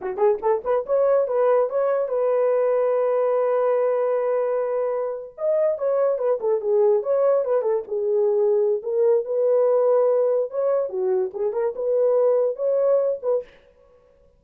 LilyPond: \new Staff \with { instrumentName = "horn" } { \time 4/4 \tempo 4 = 143 fis'8 gis'8 a'8 b'8 cis''4 b'4 | cis''4 b'2.~ | b'1~ | b'8. dis''4 cis''4 b'8 a'8 gis'16~ |
gis'8. cis''4 b'8 a'8 gis'4~ gis'16~ | gis'4 ais'4 b'2~ | b'4 cis''4 fis'4 gis'8 ais'8 | b'2 cis''4. b'8 | }